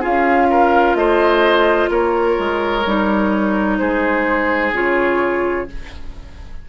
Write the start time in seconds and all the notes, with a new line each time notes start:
0.00 C#4 F4 G#4 F5
0.50 A#4
0.95 A3 C5 D#5
1.89 A#3 A#4 C#5
2.39 G#3
2.86 G3 D#4
3.78 G#3 G#4 C5
4.72 C#3 F4 C#5